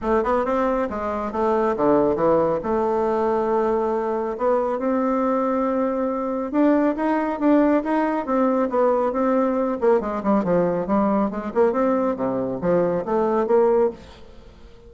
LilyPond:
\new Staff \with { instrumentName = "bassoon" } { \time 4/4 \tempo 4 = 138 a8 b8 c'4 gis4 a4 | d4 e4 a2~ | a2 b4 c'4~ | c'2. d'4 |
dis'4 d'4 dis'4 c'4 | b4 c'4. ais8 gis8 g8 | f4 g4 gis8 ais8 c'4 | c4 f4 a4 ais4 | }